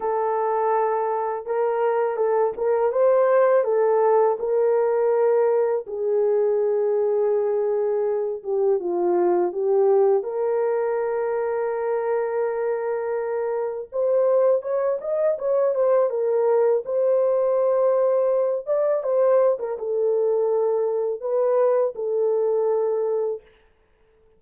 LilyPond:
\new Staff \with { instrumentName = "horn" } { \time 4/4 \tempo 4 = 82 a'2 ais'4 a'8 ais'8 | c''4 a'4 ais'2 | gis'2.~ gis'8 g'8 | f'4 g'4 ais'2~ |
ais'2. c''4 | cis''8 dis''8 cis''8 c''8 ais'4 c''4~ | c''4. d''8 c''8. ais'16 a'4~ | a'4 b'4 a'2 | }